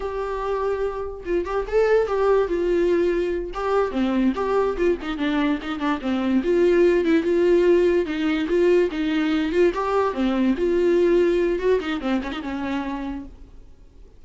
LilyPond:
\new Staff \with { instrumentName = "viola" } { \time 4/4 \tempo 4 = 145 g'2. f'8 g'8 | a'4 g'4 f'2~ | f'8 g'4 c'4 g'4 f'8 | dis'8 d'4 dis'8 d'8 c'4 f'8~ |
f'4 e'8 f'2 dis'8~ | dis'8 f'4 dis'4. f'8 g'8~ | g'8 c'4 f'2~ f'8 | fis'8 dis'8 c'8 cis'16 dis'16 cis'2 | }